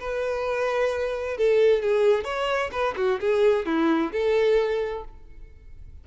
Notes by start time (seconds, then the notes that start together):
0.00 B4
1.37 A4
1.82 G#4
2.24 C#5
2.72 B4
2.97 F#4
3.20 G#4
3.66 E4
4.12 A4